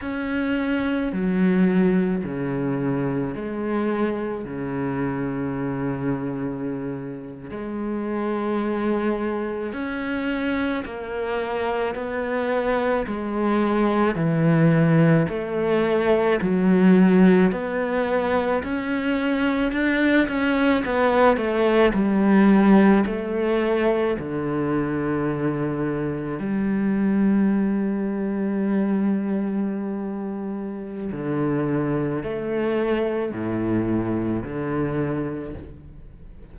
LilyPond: \new Staff \with { instrumentName = "cello" } { \time 4/4 \tempo 4 = 54 cis'4 fis4 cis4 gis4 | cis2~ cis8. gis4~ gis16~ | gis8. cis'4 ais4 b4 gis16~ | gis8. e4 a4 fis4 b16~ |
b8. cis'4 d'8 cis'8 b8 a8 g16~ | g8. a4 d2 g16~ | g1 | d4 a4 a,4 d4 | }